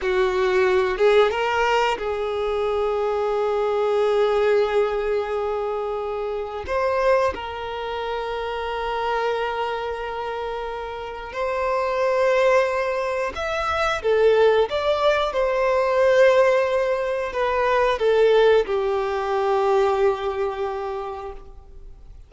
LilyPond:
\new Staff \with { instrumentName = "violin" } { \time 4/4 \tempo 4 = 90 fis'4. gis'8 ais'4 gis'4~ | gis'1~ | gis'2 c''4 ais'4~ | ais'1~ |
ais'4 c''2. | e''4 a'4 d''4 c''4~ | c''2 b'4 a'4 | g'1 | }